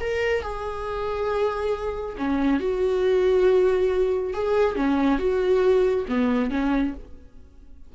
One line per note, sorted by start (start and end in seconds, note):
0.00 0.42 A#4
0.42 2.16 G#4
2.17 2.60 C#4
2.60 4.33 F#4
4.33 4.76 G#4
4.76 5.18 C#4
5.18 6.05 F#4
6.08 6.50 B3
6.50 6.93 C#4